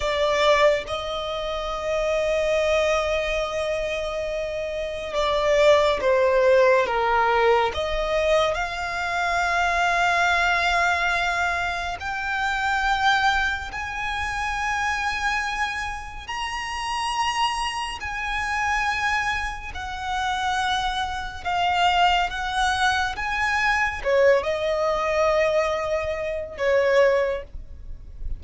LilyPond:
\new Staff \with { instrumentName = "violin" } { \time 4/4 \tempo 4 = 70 d''4 dis''2.~ | dis''2 d''4 c''4 | ais'4 dis''4 f''2~ | f''2 g''2 |
gis''2. ais''4~ | ais''4 gis''2 fis''4~ | fis''4 f''4 fis''4 gis''4 | cis''8 dis''2~ dis''8 cis''4 | }